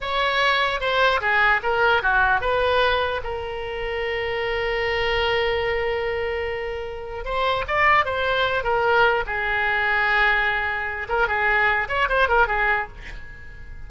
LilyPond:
\new Staff \with { instrumentName = "oboe" } { \time 4/4 \tempo 4 = 149 cis''2 c''4 gis'4 | ais'4 fis'4 b'2 | ais'1~ | ais'1~ |
ais'2 c''4 d''4 | c''4. ais'4. gis'4~ | gis'2.~ gis'8 ais'8 | gis'4. cis''8 c''8 ais'8 gis'4 | }